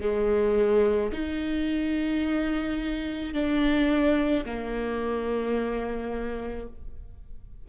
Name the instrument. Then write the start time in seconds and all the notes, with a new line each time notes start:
viola
0.00 G#3
1.12 D#4
3.33 D4
4.45 A#3